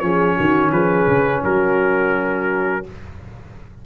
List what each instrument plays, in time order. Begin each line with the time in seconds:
0.00 tuba F3, trombone C#4, horn G#4, trumpet C#5
0.36 tuba D#3, horn F#4
0.72 tuba F3, horn G#4, trumpet B4
1.08 tuba C#3
1.43 tuba F#3, horn F#4, trumpet A#4